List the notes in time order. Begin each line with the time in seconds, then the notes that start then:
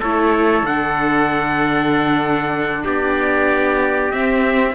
0.00 A3 E4 A4 C#5
0.63 D3 D4 F#5
2.84 B3 G4 D5
4.12 C4 E5